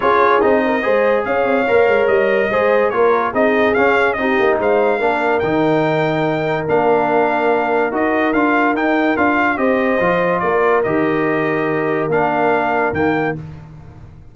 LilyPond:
<<
  \new Staff \with { instrumentName = "trumpet" } { \time 4/4 \tempo 4 = 144 cis''4 dis''2 f''4~ | f''4 dis''2 cis''4 | dis''4 f''4 dis''4 f''4~ | f''4 g''2. |
f''2. dis''4 | f''4 g''4 f''4 dis''4~ | dis''4 d''4 dis''2~ | dis''4 f''2 g''4 | }
  \new Staff \with { instrumentName = "horn" } { \time 4/4 gis'4. ais'8 c''4 cis''4~ | cis''2 c''4 ais'4 | gis'2 g'4 c''4 | ais'1~ |
ais'1~ | ais'2. c''4~ | c''4 ais'2.~ | ais'1 | }
  \new Staff \with { instrumentName = "trombone" } { \time 4/4 f'4 dis'4 gis'2 | ais'2 gis'4 f'4 | dis'4 cis'4 dis'2 | d'4 dis'2. |
d'2. fis'4 | f'4 dis'4 f'4 g'4 | f'2 g'2~ | g'4 d'2 ais4 | }
  \new Staff \with { instrumentName = "tuba" } { \time 4/4 cis'4 c'4 gis4 cis'8 c'8 | ais8 gis8 g4 gis4 ais4 | c'4 cis'4 c'8 ais8 gis4 | ais4 dis2. |
ais2. dis'4 | d'4 dis'4 d'4 c'4 | f4 ais4 dis2~ | dis4 ais2 dis4 | }
>>